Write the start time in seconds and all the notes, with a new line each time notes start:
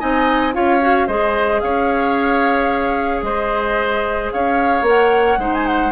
0.00 C4 D#4 D#5 G#5
0.53 C#4 F4 C#5 F5
0.81 F#4
1.07 G#3 G#4 C5 D#5
1.61 C#4 C#5 F5
3.23 G#3 C5 D#5
4.32 C#4 C#5 F5
4.82 A#3 A#4
4.89 F#5
5.38 G#3 D#4 C5
5.55 G#5
5.67 F#5